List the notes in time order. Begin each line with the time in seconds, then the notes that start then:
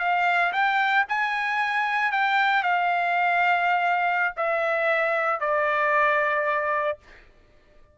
0.00 F5
0.53 G5
1.09 G#5
2.12 G5
2.63 F5
4.37 E5
5.41 D5